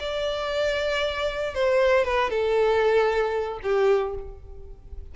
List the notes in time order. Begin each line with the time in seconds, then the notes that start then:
0.00 D5
1.55 C5
2.05 B4
2.30 A4
3.63 G4